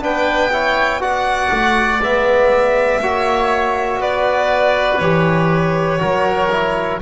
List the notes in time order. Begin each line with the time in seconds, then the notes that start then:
0.00 B3 D4 B4 G5
0.52 E4 C#5
1.00 F#4 D5 F#5
1.51 A3
2.00 G#3 B3 E5
3.00 A#3 F#4 C#5
4.00 B3 B4 D5
4.99 E3 G4 C#5
5.99 F#3 F#4 A#4
6.50 E4